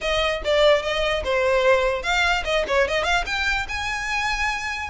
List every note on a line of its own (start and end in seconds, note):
0.01 0.42 D#5
0.44 0.82 D5
0.82 1.23 D#5
1.24 2.03 C5
2.03 2.43 F5
2.44 2.65 D#5
2.67 2.87 C#5
2.87 3.04 D#5
3.04 3.24 F5
3.26 3.66 G5
3.68 4.90 G#5